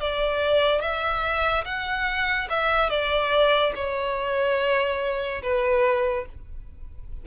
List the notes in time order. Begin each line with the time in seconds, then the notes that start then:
0.00 D5
0.81 E5
1.64 F#5
2.49 E5
2.89 D5
3.75 C#5
5.42 B4